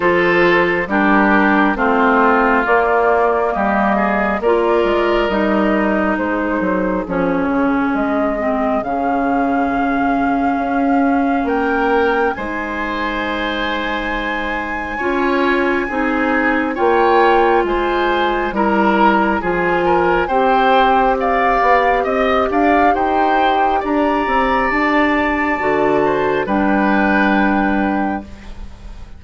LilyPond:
<<
  \new Staff \with { instrumentName = "flute" } { \time 4/4 \tempo 4 = 68 c''4 ais'4 c''4 d''4 | dis''4 d''4 dis''4 c''4 | cis''4 dis''4 f''2~ | f''4 g''4 gis''2~ |
gis''2. g''4 | gis''4 ais''4 gis''4 g''4 | f''4 dis''8 f''8 g''4 ais''4 | a''2 g''2 | }
  \new Staff \with { instrumentName = "oboe" } { \time 4/4 a'4 g'4 f'2 | g'8 gis'8 ais'2 gis'4~ | gis'1~ | gis'4 ais'4 c''2~ |
c''4 cis''4 gis'4 cis''4 | c''4 ais'4 gis'8 ais'8 c''4 | d''4 dis''8 d''8 c''4 d''4~ | d''4. c''8 b'2 | }
  \new Staff \with { instrumentName = "clarinet" } { \time 4/4 f'4 d'4 c'4 ais4~ | ais4 f'4 dis'2 | cis'4. c'8 cis'2~ | cis'2 dis'2~ |
dis'4 f'4 dis'4 f'4~ | f'4 e'4 f'4 g'4~ | g'1~ | g'4 fis'4 d'2 | }
  \new Staff \with { instrumentName = "bassoon" } { \time 4/4 f4 g4 a4 ais4 | g4 ais8 gis8 g4 gis8 fis8 | f8 cis8 gis4 cis2 | cis'4 ais4 gis2~ |
gis4 cis'4 c'4 ais4 | gis4 g4 f4 c'4~ | c'8 b8 c'8 d'8 dis'4 d'8 c'8 | d'4 d4 g2 | }
>>